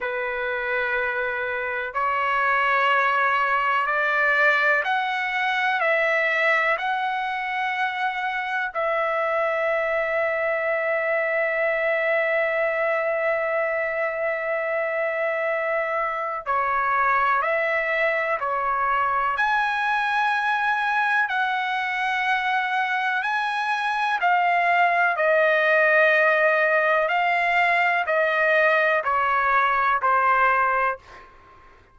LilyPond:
\new Staff \with { instrumentName = "trumpet" } { \time 4/4 \tempo 4 = 62 b'2 cis''2 | d''4 fis''4 e''4 fis''4~ | fis''4 e''2.~ | e''1~ |
e''4 cis''4 e''4 cis''4 | gis''2 fis''2 | gis''4 f''4 dis''2 | f''4 dis''4 cis''4 c''4 | }